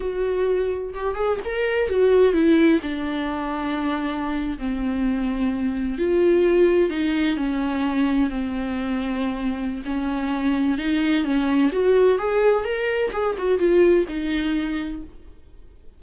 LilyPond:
\new Staff \with { instrumentName = "viola" } { \time 4/4 \tempo 4 = 128 fis'2 g'8 gis'8 ais'4 | fis'4 e'4 d'2~ | d'4.~ d'16 c'2~ c'16~ | c'8. f'2 dis'4 cis'16~ |
cis'4.~ cis'16 c'2~ c'16~ | c'4 cis'2 dis'4 | cis'4 fis'4 gis'4 ais'4 | gis'8 fis'8 f'4 dis'2 | }